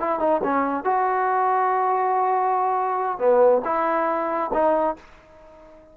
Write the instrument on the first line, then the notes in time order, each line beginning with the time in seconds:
trombone
0.00 E4
0.19 D#4
0.43 C#4
0.84 F#4
3.19 B3
3.65 E4
4.53 D#4